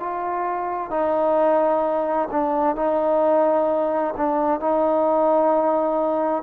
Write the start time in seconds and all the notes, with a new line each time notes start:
0.00 F4
0.91 D#4
2.32 D4
2.76 D#4
4.17 D4
4.61 D#4